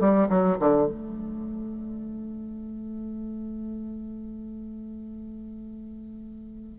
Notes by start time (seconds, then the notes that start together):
0.00 G3
0.29 F#3
0.60 D3
0.87 A3